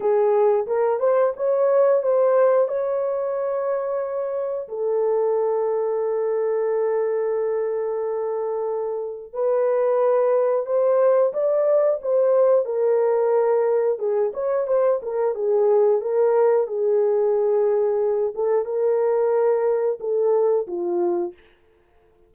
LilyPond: \new Staff \with { instrumentName = "horn" } { \time 4/4 \tempo 4 = 90 gis'4 ais'8 c''8 cis''4 c''4 | cis''2. a'4~ | a'1~ | a'2 b'2 |
c''4 d''4 c''4 ais'4~ | ais'4 gis'8 cis''8 c''8 ais'8 gis'4 | ais'4 gis'2~ gis'8 a'8 | ais'2 a'4 f'4 | }